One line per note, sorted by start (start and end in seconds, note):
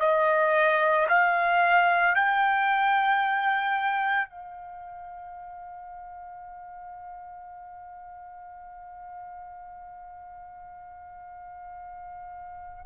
0.00 1.07 D#5
1.09 2.15 F5
2.15 4.29 G5
4.29 12.86 F5